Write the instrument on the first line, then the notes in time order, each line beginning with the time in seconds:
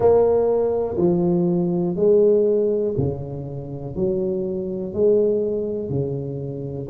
tuba
0.00 A#3
0.97 F3
1.96 G#3
2.97 C#3
3.95 F#3
4.93 G#3
5.89 C#3